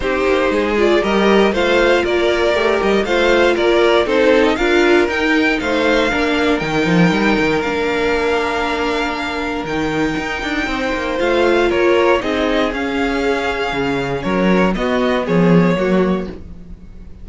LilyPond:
<<
  \new Staff \with { instrumentName = "violin" } { \time 4/4 \tempo 4 = 118 c''4. d''8 dis''4 f''4 | d''4. dis''8 f''4 d''4 | c''8. dis''16 f''4 g''4 f''4~ | f''4 g''2 f''4~ |
f''2. g''4~ | g''2 f''4 cis''4 | dis''4 f''2. | cis''4 dis''4 cis''2 | }
  \new Staff \with { instrumentName = "violin" } { \time 4/4 g'4 gis'4 ais'4 c''4 | ais'2 c''4 ais'4 | a'4 ais'2 c''4 | ais'1~ |
ais'1~ | ais'4 c''2 ais'4 | gis'1 | ais'4 fis'4 gis'4 fis'4 | }
  \new Staff \with { instrumentName = "viola" } { \time 4/4 dis'4. f'8 g'4 f'4~ | f'4 g'4 f'2 | dis'4 f'4 dis'2 | d'4 dis'2 d'4~ |
d'2. dis'4~ | dis'2 f'2 | dis'4 cis'2.~ | cis'4 b2 ais4 | }
  \new Staff \with { instrumentName = "cello" } { \time 4/4 c'8 ais8 gis4 g4 a4 | ais4 a8 g8 a4 ais4 | c'4 d'4 dis'4 a4 | ais4 dis8 f8 g8 dis8 ais4~ |
ais2. dis4 | dis'8 d'8 c'8 ais8 a4 ais4 | c'4 cis'2 cis4 | fis4 b4 f4 fis4 | }
>>